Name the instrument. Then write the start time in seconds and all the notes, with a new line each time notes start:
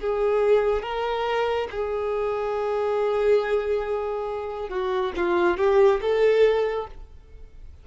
violin
0.00 G#4
0.82 A#4
1.71 G#4
4.69 F#4
5.17 F4
5.58 G4
6.02 A4